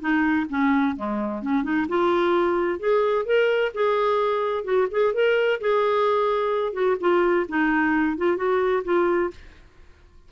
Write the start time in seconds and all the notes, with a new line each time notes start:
0.00 D#4
0.49 C#4
0.96 G#3
1.42 C#4
1.63 D#4
1.88 F4
2.79 G#4
3.25 A#4
3.74 G#4
4.64 F#4
4.91 G#4
5.14 A#4
5.60 G#4
6.73 F#4
7.00 F4
7.48 D#4
8.17 F4
8.36 F#4
8.84 F4